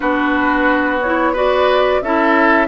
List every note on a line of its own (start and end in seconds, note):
0.00 2.01 B3
0.00 1.00 D4
0.00 1.33 F#4
0.00 0.99 B4
1.01 1.34 E4
1.01 1.35 C#5
1.33 2.01 F#4
1.33 2.00 B4
1.33 2.02 D5
2.01 2.67 C#4
2.01 2.67 E4
2.01 2.67 A4
2.01 2.67 E5